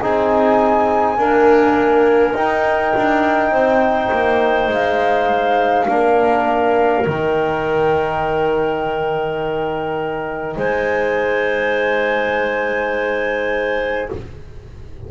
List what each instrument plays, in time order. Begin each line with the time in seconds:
0.00 double bass C4, trombone D#4, clarinet G#4, flute G#5
1.16 trombone A#3, double bass D4, clarinet A#4
2.34 double bass D#4, trombone D#4, flute G5
2.96 double bass D4
3.51 double bass C4, clarinet C5
4.11 double bass A#3
4.68 double bass G#3, flute F5
5.87 double bass A#3, trombone D4, clarinet A#4
7.04 double bass D#3, trombone D#4, flute G5
10.56 double bass G#3, clarinet C5, flute G#5